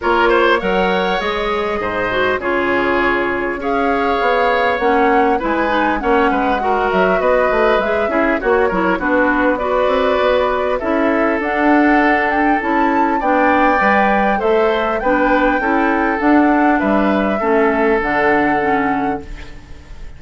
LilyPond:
<<
  \new Staff \with { instrumentName = "flute" } { \time 4/4 \tempo 4 = 100 cis''4 fis''4 dis''2 | cis''2 f''2 | fis''4 gis''4 fis''4. e''8 | dis''4 e''4 cis''4 b'4 |
d''2 e''4 fis''4~ | fis''8 g''8 a''4 g''2 | e''4 g''2 fis''4 | e''2 fis''2 | }
  \new Staff \with { instrumentName = "oboe" } { \time 4/4 ais'8 c''8 cis''2 c''4 | gis'2 cis''2~ | cis''4 b'4 cis''8 b'8 ais'4 | b'4. gis'8 fis'8 ais'8 fis'4 |
b'2 a'2~ | a'2 d''2 | c''4 b'4 a'2 | b'4 a'2. | }
  \new Staff \with { instrumentName = "clarinet" } { \time 4/4 f'4 ais'4 gis'4. fis'8 | f'2 gis'2 | cis'4 e'8 dis'8 cis'4 fis'4~ | fis'4 gis'8 e'8 fis'8 e'8 d'4 |
fis'2 e'4 d'4~ | d'4 e'4 d'4 b'4 | a'4 d'4 e'4 d'4~ | d'4 cis'4 d'4 cis'4 | }
  \new Staff \with { instrumentName = "bassoon" } { \time 4/4 ais4 fis4 gis4 gis,4 | cis2 cis'4 b4 | ais4 gis4 ais8 gis4 fis8 | b8 a8 gis8 cis'8 ais8 fis8 b4~ |
b8 c'8 b4 cis'4 d'4~ | d'4 cis'4 b4 g4 | a4 b4 cis'4 d'4 | g4 a4 d2 | }
>>